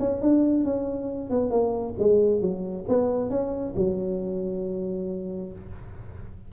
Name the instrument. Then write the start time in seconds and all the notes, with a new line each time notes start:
tuba
0.00 C#4
0.22 D4
0.65 C#4
1.30 B3
1.51 A#3
1.99 G#3
2.41 F#3
2.89 B3
3.30 C#4
3.76 F#3